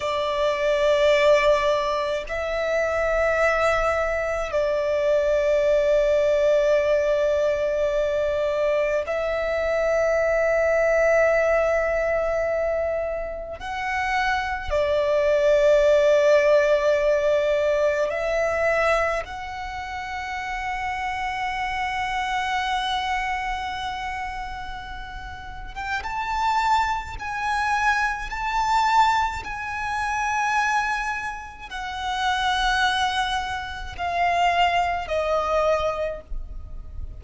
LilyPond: \new Staff \with { instrumentName = "violin" } { \time 4/4 \tempo 4 = 53 d''2 e''2 | d''1 | e''1 | fis''4 d''2. |
e''4 fis''2.~ | fis''2~ fis''8. g''16 a''4 | gis''4 a''4 gis''2 | fis''2 f''4 dis''4 | }